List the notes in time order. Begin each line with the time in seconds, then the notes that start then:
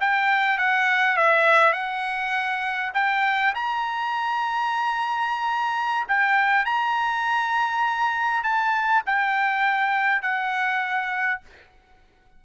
0.00 G5
0.58 F#5
1.16 E5
1.73 F#5
2.94 G5
3.55 A#5
6.08 G5
6.65 A#5
8.43 A5
9.06 G5
10.22 F#5